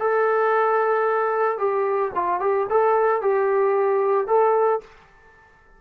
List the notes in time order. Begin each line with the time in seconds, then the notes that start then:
0.00 A4
1.58 G4
2.15 F4
2.40 G4
2.70 A4
3.22 G4
4.28 A4